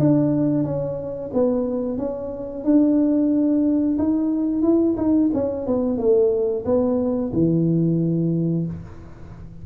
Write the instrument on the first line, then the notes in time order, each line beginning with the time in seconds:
tuba
0.00 D4
0.65 C#4
1.34 B3
1.98 C#4
2.65 D4
3.99 D#4
4.63 E4
4.98 D#4
5.34 C#4
5.67 B3
5.98 A3
6.65 B3
7.34 E3